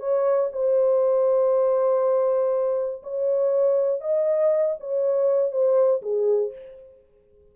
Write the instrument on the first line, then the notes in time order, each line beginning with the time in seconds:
horn
0.00 C#5
0.53 C5
3.03 C#5
4.01 D#5
4.80 C#5
5.52 C5
6.02 G#4